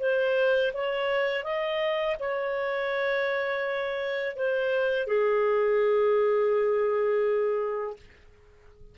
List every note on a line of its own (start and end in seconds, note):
0.00 0.72 C5
0.74 1.44 C#5
1.44 2.17 D#5
2.19 4.36 C#5
4.36 5.07 C5
5.07 7.96 G#4